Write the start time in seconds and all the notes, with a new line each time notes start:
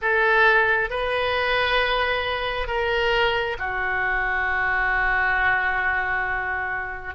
0.01 A4
0.90 B4
2.67 A#4
3.59 F#4